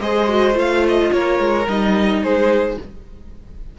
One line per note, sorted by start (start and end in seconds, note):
0.00 0.55 G#3
0.00 0.29 G#4
0.00 1.12 C5
0.00 0.56 D#5
0.29 0.54 F#4
0.54 1.10 A3
0.54 1.64 F4
0.54 0.87 F5
0.88 1.12 D#5
1.12 1.40 A#3
1.12 2.22 A#4
1.12 1.67 C#5
1.40 1.67 G#3
1.68 2.22 G3
1.68 2.79 D#4
1.68 2.23 D#5
2.22 2.78 G#3
2.22 2.77 G#4
2.22 2.78 C5